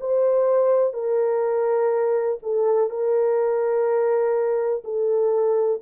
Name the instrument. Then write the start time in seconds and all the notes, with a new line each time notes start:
horn
0.00 C5
0.93 A#4
2.42 A4
2.89 A#4
4.84 A4